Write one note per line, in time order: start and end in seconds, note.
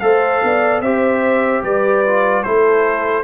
0.00 0.43 A3
0.00 0.83 A4
0.00 0.44 C5
0.00 0.81 F5
0.44 0.81 B3
0.44 0.83 D5
0.81 1.62 C4
0.81 2.06 G4
0.81 1.64 C5
0.81 1.63 E5
1.64 2.45 G3
1.64 2.44 B4
1.64 2.43 D5
2.06 2.45 F4
2.43 3.24 A3
2.43 3.24 E4
2.43 3.24 A4
2.43 3.24 C5